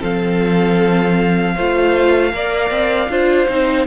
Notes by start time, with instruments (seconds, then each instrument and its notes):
0.00 cello F3, viola C4, violin A4 F5
1.55 cello A3, viola F4, violin C5
2.32 cello A#3, viola A#4, violin D5
2.70 cello C4
3.09 cello D4, viola F4, violin C5
3.48 cello C4, viola D#4